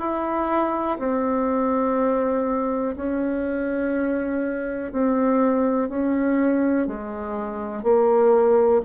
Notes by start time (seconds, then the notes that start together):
0.00 E4
0.99 C4
2.97 C#4
4.93 C4
5.89 C#4
6.87 G#3
7.83 A#3